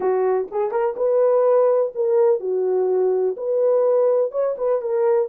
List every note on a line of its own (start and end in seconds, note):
0.00 0.47 F#4
0.51 0.71 G#4
0.71 0.95 A#4
0.96 1.92 B4
1.95 2.40 A#4
2.40 3.36 F#4
3.36 4.31 B4
4.31 4.55 C#5
4.57 4.81 B4
4.81 5.28 A#4